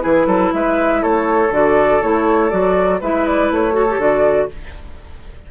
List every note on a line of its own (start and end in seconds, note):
0.00 0.27 E3
0.00 1.49 E4
0.00 0.27 G#4
0.00 0.53 B4
0.27 0.52 F#3
0.27 0.52 A4
0.54 1.03 G#3
0.54 1.03 B4
0.54 1.03 E5
1.03 1.50 A3
1.03 3.01 A4
1.03 1.53 C#5
1.50 2.00 D3
1.50 2.02 F#4
1.50 2.02 D5
2.02 2.52 A3
2.02 2.51 E4
2.02 2.50 C#5
2.50 3.02 F#3
2.50 3.00 F#4
2.50 3.00 D5
3.01 3.51 G#3
3.01 3.73 E4
3.01 3.74 B4
3.01 3.27 E5
3.27 3.52 D5
3.51 3.98 A3
3.51 4.02 C#5
3.73 3.85 F#4
3.73 4.49 A4
3.91 4.00 G4
3.98 4.47 D3
3.98 4.49 F#4
3.98 4.51 D5